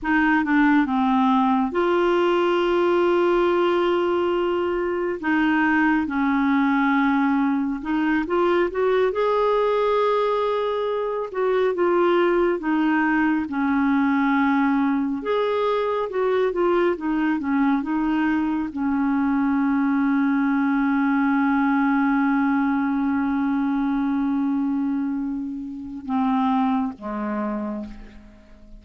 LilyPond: \new Staff \with { instrumentName = "clarinet" } { \time 4/4 \tempo 4 = 69 dis'8 d'8 c'4 f'2~ | f'2 dis'4 cis'4~ | cis'4 dis'8 f'8 fis'8 gis'4.~ | gis'4 fis'8 f'4 dis'4 cis'8~ |
cis'4. gis'4 fis'8 f'8 dis'8 | cis'8 dis'4 cis'2~ cis'8~ | cis'1~ | cis'2 c'4 gis4 | }